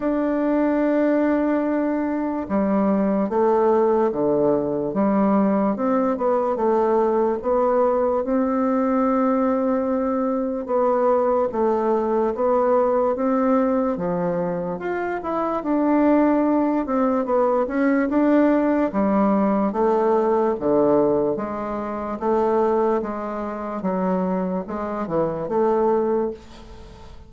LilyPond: \new Staff \with { instrumentName = "bassoon" } { \time 4/4 \tempo 4 = 73 d'2. g4 | a4 d4 g4 c'8 b8 | a4 b4 c'2~ | c'4 b4 a4 b4 |
c'4 f4 f'8 e'8 d'4~ | d'8 c'8 b8 cis'8 d'4 g4 | a4 d4 gis4 a4 | gis4 fis4 gis8 e8 a4 | }